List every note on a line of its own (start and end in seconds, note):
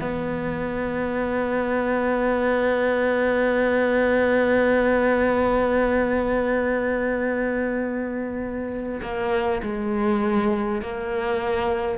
0.00 9.00 B3
9.01 9.61 A#3
9.62 10.81 G#3
10.81 11.98 A#3